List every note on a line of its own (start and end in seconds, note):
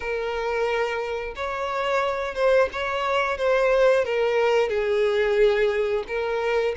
0.00 1.34 A#4
1.35 2.34 C#5
2.34 2.68 C5
2.72 3.37 C#5
3.37 4.04 C5
4.04 4.69 A#4
4.69 6.03 G#4
6.07 6.74 A#4